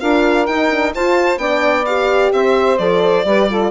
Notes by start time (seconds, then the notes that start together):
0.00 D4 F4 A#4 F5
0.46 D#4 G5
0.70 D4
0.94 F4 C5 A5
1.37 B3 D4 D5 G5
1.85 G4 F5
2.32 C4 C5 E5
2.77 F3 A4 D5
3.24 G3 G4 B4
3.49 F4 A4